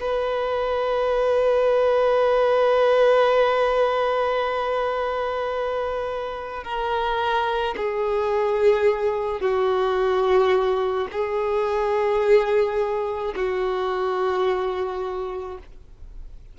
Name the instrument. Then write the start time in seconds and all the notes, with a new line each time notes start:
violin
0.00 B4
6.64 A#4
7.77 G#4
9.41 F#4
11.12 G#4
13.36 F#4